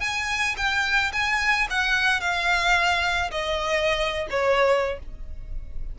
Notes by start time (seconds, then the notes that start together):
0.00 G#5
0.57 G5
1.12 G#5
1.70 F#5
2.20 F5
3.31 D#5
4.30 C#5